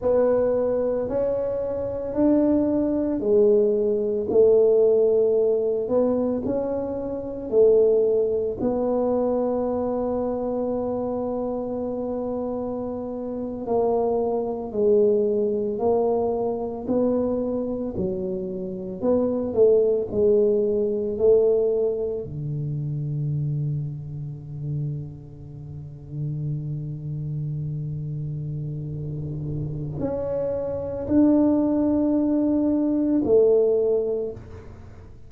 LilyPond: \new Staff \with { instrumentName = "tuba" } { \time 4/4 \tempo 4 = 56 b4 cis'4 d'4 gis4 | a4. b8 cis'4 a4 | b1~ | b8. ais4 gis4 ais4 b16~ |
b8. fis4 b8 a8 gis4 a16~ | a8. d2.~ d16~ | d1 | cis'4 d'2 a4 | }